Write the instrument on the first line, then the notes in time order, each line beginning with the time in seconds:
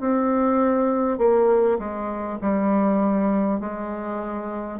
bassoon
0.00 C4
1.17 A#3
1.78 G#3
2.41 G3
3.60 G#3